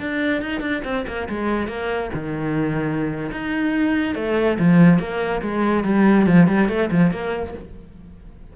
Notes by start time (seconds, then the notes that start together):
0.00 D4
0.42 D#4
0.61 D4
0.84 C4
1.07 A#3
1.29 G#3
1.68 A#3
2.14 D#3
3.32 D#4
4.15 A3
4.60 F3
4.99 A#3
5.42 G#3
5.84 G3
6.26 F3
6.48 G3
6.69 A3
6.92 F3
7.12 A#3